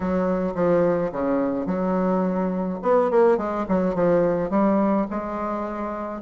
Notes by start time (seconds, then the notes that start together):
0.00 F#3
0.54 F3
1.11 C#3
1.66 F#3
2.82 B3
3.10 A#3
3.37 G#3
3.68 F#3
3.94 F3
4.50 G3
5.10 G#3